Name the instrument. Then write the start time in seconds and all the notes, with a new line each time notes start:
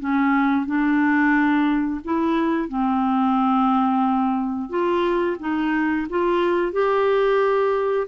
clarinet
0.00 C#4
0.66 D4
2.04 E4
2.68 C4
4.70 F4
5.40 D#4
6.10 F4
6.73 G4